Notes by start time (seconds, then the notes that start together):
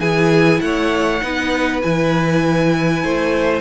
0.00 E3 E4 G#4 G#5
0.61 A3 C#5 F#5
1.21 B3 D#4 B4
1.82 E3 E4 G#5
3.03 A3 C5